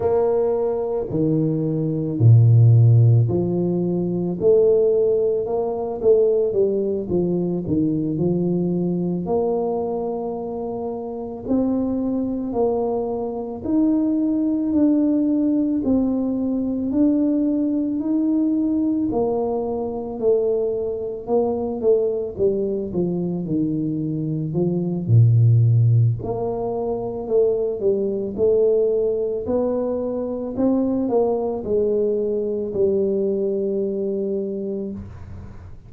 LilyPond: \new Staff \with { instrumentName = "tuba" } { \time 4/4 \tempo 4 = 55 ais4 dis4 ais,4 f4 | a4 ais8 a8 g8 f8 dis8 f8~ | f8 ais2 c'4 ais8~ | ais8 dis'4 d'4 c'4 d'8~ |
d'8 dis'4 ais4 a4 ais8 | a8 g8 f8 dis4 f8 ais,4 | ais4 a8 g8 a4 b4 | c'8 ais8 gis4 g2 | }